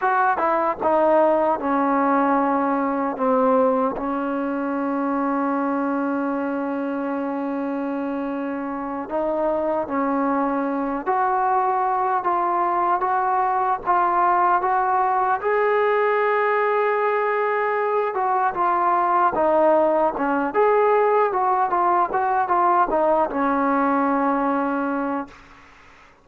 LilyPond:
\new Staff \with { instrumentName = "trombone" } { \time 4/4 \tempo 4 = 76 fis'8 e'8 dis'4 cis'2 | c'4 cis'2.~ | cis'2.~ cis'8 dis'8~ | dis'8 cis'4. fis'4. f'8~ |
f'8 fis'4 f'4 fis'4 gis'8~ | gis'2. fis'8 f'8~ | f'8 dis'4 cis'8 gis'4 fis'8 f'8 | fis'8 f'8 dis'8 cis'2~ cis'8 | }